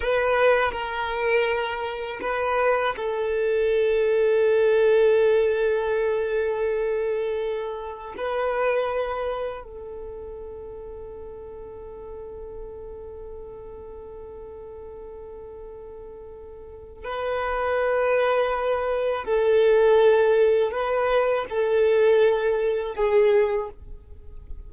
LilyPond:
\new Staff \with { instrumentName = "violin" } { \time 4/4 \tempo 4 = 81 b'4 ais'2 b'4 | a'1~ | a'2. b'4~ | b'4 a'2.~ |
a'1~ | a'2. b'4~ | b'2 a'2 | b'4 a'2 gis'4 | }